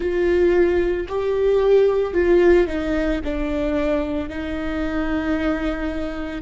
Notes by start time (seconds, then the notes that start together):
0.00 F4
1.08 G4
2.13 F4
2.67 D#4
3.24 D4
4.29 D#4